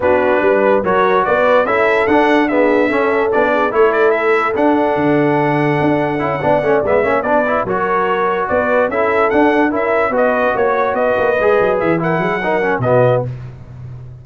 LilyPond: <<
  \new Staff \with { instrumentName = "trumpet" } { \time 4/4 \tempo 4 = 145 b'2 cis''4 d''4 | e''4 fis''4 e''2 | d''4 cis''8 d''8 e''4 fis''4~ | fis''1~ |
fis''8 e''4 d''4 cis''4.~ | cis''8 d''4 e''4 fis''4 e''8~ | e''8 dis''4 cis''4 dis''4.~ | dis''8 e''8 fis''2 dis''4 | }
  \new Staff \with { instrumentName = "horn" } { \time 4/4 fis'4 b'4 ais'4 b'4 | a'2 gis'4 a'4~ | a'8 gis'8 a'2.~ | a'2.~ a'8 d''8~ |
d''4 cis''8 b'4 ais'4.~ | ais'8 b'4 a'2 ais'8~ | ais'8 b'4 cis''4 b'4.~ | b'4 ais'8 gis'8 ais'4 fis'4 | }
  \new Staff \with { instrumentName = "trombone" } { \time 4/4 d'2 fis'2 | e'4 d'4 b4 cis'4 | d'4 e'2 d'4~ | d'2. e'8 d'8 |
cis'8 b8 cis'8 d'8 e'8 fis'4.~ | fis'4. e'4 d'4 e'8~ | e'8 fis'2. gis'8~ | gis'4 e'4 dis'8 cis'8 b4 | }
  \new Staff \with { instrumentName = "tuba" } { \time 4/4 b4 g4 fis4 b4 | cis'4 d'2 cis'4 | b4 a2 d'4 | d2 d'4 cis'8 b8 |
a8 gis8 ais8 b4 fis4.~ | fis8 b4 cis'4 d'4 cis'8~ | cis'8 b4 ais4 b8 ais8 gis8 | fis8 e4 fis4. b,4 | }
>>